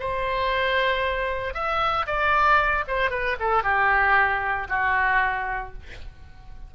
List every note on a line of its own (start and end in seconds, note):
0.00 1.54 C5
1.54 2.06 E5
2.07 2.85 D5
2.88 3.10 C5
3.10 3.37 B4
3.40 3.64 A4
3.64 4.68 G4
4.69 5.73 F#4